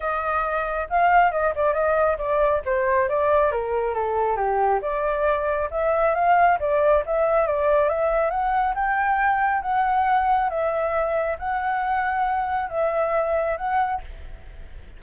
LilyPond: \new Staff \with { instrumentName = "flute" } { \time 4/4 \tempo 4 = 137 dis''2 f''4 dis''8 d''8 | dis''4 d''4 c''4 d''4 | ais'4 a'4 g'4 d''4~ | d''4 e''4 f''4 d''4 |
e''4 d''4 e''4 fis''4 | g''2 fis''2 | e''2 fis''2~ | fis''4 e''2 fis''4 | }